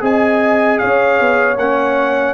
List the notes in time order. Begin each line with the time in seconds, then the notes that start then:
0.00 C4 G#4 D#5 G#5
0.78 C#4 C#5 F5
1.20 B3
1.57 A#3 C#4 F#5